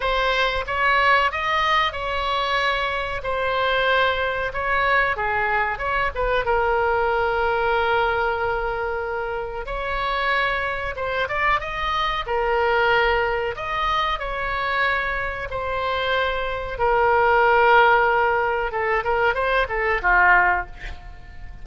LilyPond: \new Staff \with { instrumentName = "oboe" } { \time 4/4 \tempo 4 = 93 c''4 cis''4 dis''4 cis''4~ | cis''4 c''2 cis''4 | gis'4 cis''8 b'8 ais'2~ | ais'2. cis''4~ |
cis''4 c''8 d''8 dis''4 ais'4~ | ais'4 dis''4 cis''2 | c''2 ais'2~ | ais'4 a'8 ais'8 c''8 a'8 f'4 | }